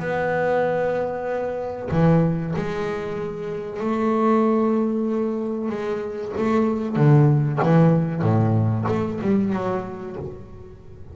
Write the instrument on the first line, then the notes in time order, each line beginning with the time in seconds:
double bass
0.00 B3
1.91 E3
2.56 G#3
3.80 A3
5.70 G#3
6.37 A3
6.96 D3
7.63 E3
8.22 A2
8.88 A3
9.22 G3
9.53 F#3